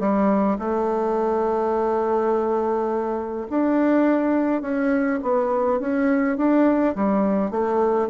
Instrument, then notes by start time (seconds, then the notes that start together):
bassoon
0.00 G3
0.59 A3
3.50 D4
4.62 C#4
5.23 B3
5.80 C#4
6.37 D4
6.95 G3
7.51 A3